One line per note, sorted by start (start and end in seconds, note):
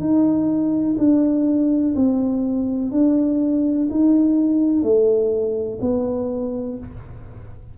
0.00 0.97 D#4
0.98 1.95 D4
1.95 2.91 C4
2.91 3.88 D4
3.90 4.83 D#4
4.83 5.79 A3
5.82 6.78 B3